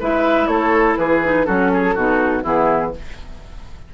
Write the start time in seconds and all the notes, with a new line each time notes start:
0.00 G#3 E4 B4 E5
0.47 A3 A4 C#5
0.97 E3 G#4 B4
1.23 D#4
1.45 F#3 C#4 F#4 A4
1.74 G#4
1.95 B2 D#4 F#4
2.43 E3 B3 E4 G#4